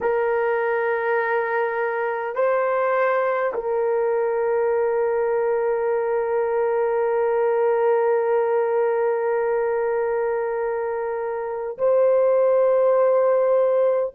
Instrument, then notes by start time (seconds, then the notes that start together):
horn
0.01 A#4
2.35 C5
3.53 A#4
11.78 C5